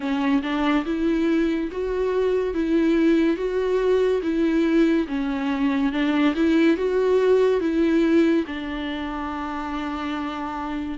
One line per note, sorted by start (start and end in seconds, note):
0.00 0.41 C#4
0.42 0.85 D4
0.85 1.70 E4
1.71 2.54 F#4
2.54 3.36 E4
3.36 4.21 F#4
4.22 5.06 E4
5.07 5.92 C#4
5.92 6.34 D4
6.35 6.76 E4
6.76 7.60 F#4
7.60 8.44 E4
8.46 10.98 D4